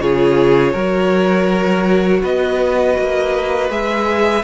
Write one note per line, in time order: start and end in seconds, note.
0.00 0.74 C#3
0.00 0.75 F4
0.00 0.73 G#4
0.00 2.23 C#5
0.73 2.23 F#3
0.73 3.70 F#4
0.73 2.21 A#4
2.23 2.98 B3
2.23 4.44 B4
2.23 3.71 D#5
2.98 3.70 A#3
3.70 4.44 G#3
3.70 4.44 G#4
3.70 4.44 E5